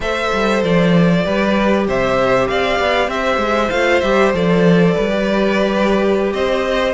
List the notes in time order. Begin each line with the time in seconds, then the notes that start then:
0.00 A3 A4 C5 E5
0.33 G3
0.63 F3 D5
1.24 G3 G4 B4
1.87 C3 C5 E5
2.47 C4 D5 F5
2.79 B3
3.07 C4 C5 E5
3.37 G#3
3.70 A3 F4 F5
4.01 G3 G4 E5
4.33 F3 A4 D5
4.94 G3 B4
5.10 G4
6.32 C4 C5 D#5